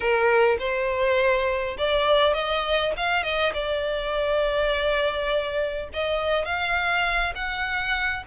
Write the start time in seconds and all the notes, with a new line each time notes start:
0.00 A#4
0.59 C5
1.78 D5
2.33 D#5
2.96 F5
3.23 D#5
3.53 D5
5.93 D#5
6.45 F5
7.35 F#5